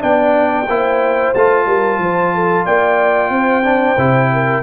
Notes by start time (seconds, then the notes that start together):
0.00 B3 D4 D5 G5
0.68 A#3 E4 C5
1.35 A3 F4 A5
1.66 G3 A#4
1.99 F3 C5
2.35 A4
2.65 A#3 D5 G5
3.30 C4 C5
3.64 D4
3.98 C3 E4
4.33 A#4